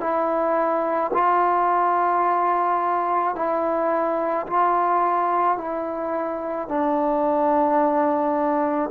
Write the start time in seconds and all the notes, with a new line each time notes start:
0.00 E4
1.13 F4
3.35 E4
4.46 F4
5.57 E4
6.68 D4